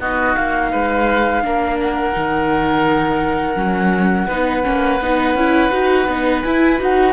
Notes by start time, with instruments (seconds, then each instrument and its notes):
0.00 cello B3, viola D#4, oboe F#4, flute D#5
0.36 cello A#3, flute F5
0.72 cello G#3, oboe B4
1.43 cello A#3, viola D4, oboe A#4
1.81 flute F#5
2.13 cello D#3, viola D#4
3.56 cello F#3, viola C#4
4.28 cello B3, viola D#4, oboe B4
4.64 cello A#3, viola C#4
5.01 cello B3, viola D#4
5.35 cello C#4, viola E4
5.72 cello D#4, viola F#4
6.08 cello B3, viola D#4
6.43 viola E4, cello E4, flute G#5
6.79 cello D#4, viola F#4, flute F#5